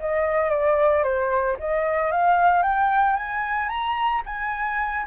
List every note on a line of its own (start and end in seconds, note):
0.00 0.50 D#5
0.50 1.04 D5
1.04 1.57 C5
1.59 2.12 D#5
2.12 2.63 F5
2.63 3.16 G5
3.17 3.69 G#5
3.69 4.22 A#5
4.26 5.06 G#5